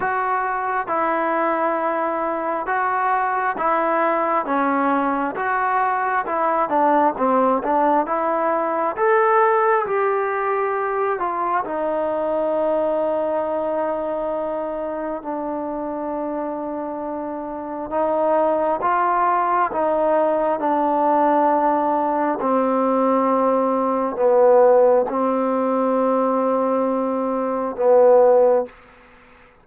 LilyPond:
\new Staff \with { instrumentName = "trombone" } { \time 4/4 \tempo 4 = 67 fis'4 e'2 fis'4 | e'4 cis'4 fis'4 e'8 d'8 | c'8 d'8 e'4 a'4 g'4~ | g'8 f'8 dis'2.~ |
dis'4 d'2. | dis'4 f'4 dis'4 d'4~ | d'4 c'2 b4 | c'2. b4 | }